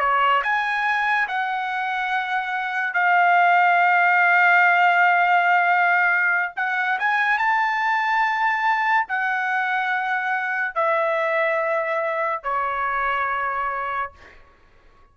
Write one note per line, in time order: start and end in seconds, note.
0.00 0.42 C#5
0.44 1.28 G#5
1.28 2.94 F#5
2.94 6.53 F5
6.57 6.99 F#5
6.99 7.38 G#5
7.38 9.07 A5
9.09 10.75 F#5
10.75 12.44 E5
12.44 14.13 C#5